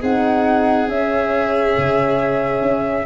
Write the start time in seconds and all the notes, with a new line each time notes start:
0.00 C4 D#4 G#4 F#5
0.88 C#4 E5
1.77 C#3
2.61 C#4